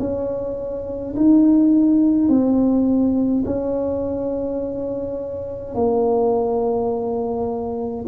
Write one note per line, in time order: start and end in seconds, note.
0.00 1.15 C#4
1.16 2.29 D#4
2.29 3.45 C4
3.46 5.75 C#4
5.75 8.06 A#3